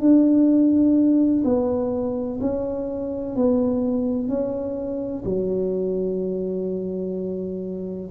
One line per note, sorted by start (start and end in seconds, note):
0.00 1.43 D4
1.45 2.40 B3
2.41 3.35 C#4
3.35 4.28 B3
4.28 5.23 C#4
5.25 8.10 F#3